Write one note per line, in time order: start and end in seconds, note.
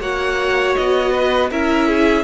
0.00 0.75 A#3
0.00 1.51 F#4
0.00 1.12 C#5
0.00 0.76 F#5
0.76 1.51 B3
0.76 1.51 D#5
1.12 1.50 B4
1.51 2.25 C#4
1.51 2.25 E4
1.51 1.88 A#4
1.51 2.25 E5
1.88 2.25 G#4